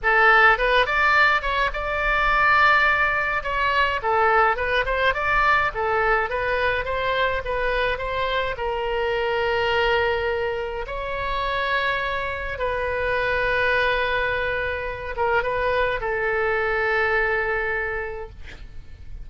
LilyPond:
\new Staff \with { instrumentName = "oboe" } { \time 4/4 \tempo 4 = 105 a'4 b'8 d''4 cis''8 d''4~ | d''2 cis''4 a'4 | b'8 c''8 d''4 a'4 b'4 | c''4 b'4 c''4 ais'4~ |
ais'2. cis''4~ | cis''2 b'2~ | b'2~ b'8 ais'8 b'4 | a'1 | }